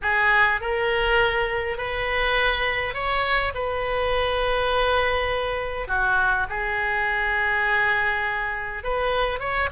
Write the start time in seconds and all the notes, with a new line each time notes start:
0.02 G#4
0.60 A#4
1.77 B4
2.94 C#5
3.54 B4
5.87 F#4
6.49 G#4
8.83 B4
9.39 C#5